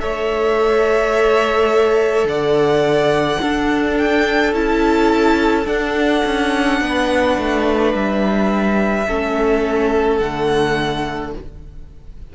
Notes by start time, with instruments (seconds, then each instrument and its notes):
0.00 cello A3, viola A4, violin C#5 E5
2.25 cello D3, violin D5 F#5
3.41 viola D4, cello D4, violin A4
3.98 violin G5
4.53 cello C#4, viola E4, violin A5
5.66 viola D4, cello D4, violin F#5
6.25 cello C#4
6.81 cello B3, violin B4
7.38 cello A3
7.94 cello G3, violin E5
9.07 cello A3, viola C#4, violin A4
10.18 cello D3, viola A3, violin F#5